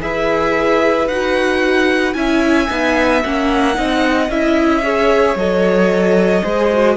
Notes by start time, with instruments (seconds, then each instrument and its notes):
0.00 cello E4, viola G#4, violin B4 E5
1.08 cello D#4, viola F#4, violin F#5
2.14 cello C#4, viola E4, violin E5 G#5
2.70 cello B3, viola D#4
3.24 cello A#3, viola C#4, violin F#5
3.75 cello C4, viola D#4, violin D#5
4.29 cello C#4, viola E4, violin E5
4.83 viola G#4, violin C#5
5.36 cello F#3, viola A4, violin D#5
6.44 cello G#3, viola G#4, violin C5
6.73 viola F#4